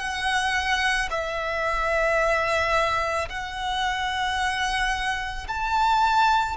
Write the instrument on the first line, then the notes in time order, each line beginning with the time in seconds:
violin
0.00 F#5
1.11 E5
3.30 F#5
5.48 A5